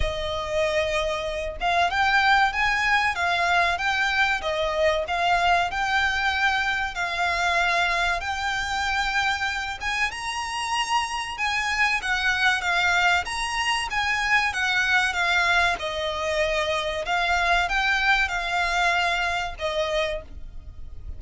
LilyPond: \new Staff \with { instrumentName = "violin" } { \time 4/4 \tempo 4 = 95 dis''2~ dis''8 f''8 g''4 | gis''4 f''4 g''4 dis''4 | f''4 g''2 f''4~ | f''4 g''2~ g''8 gis''8 |
ais''2 gis''4 fis''4 | f''4 ais''4 gis''4 fis''4 | f''4 dis''2 f''4 | g''4 f''2 dis''4 | }